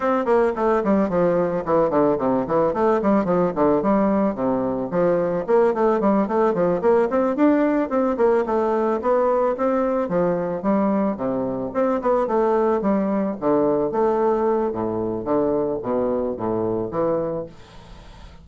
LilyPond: \new Staff \with { instrumentName = "bassoon" } { \time 4/4 \tempo 4 = 110 c'8 ais8 a8 g8 f4 e8 d8 | c8 e8 a8 g8 f8 d8 g4 | c4 f4 ais8 a8 g8 a8 | f8 ais8 c'8 d'4 c'8 ais8 a8~ |
a8 b4 c'4 f4 g8~ | g8 c4 c'8 b8 a4 g8~ | g8 d4 a4. a,4 | d4 b,4 a,4 e4 | }